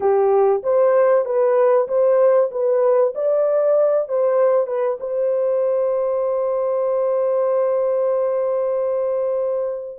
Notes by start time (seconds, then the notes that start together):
0.00 G4
0.63 C5
1.25 B4
1.88 C5
2.51 B4
3.14 D5
4.08 C5
4.66 B4
5.00 C5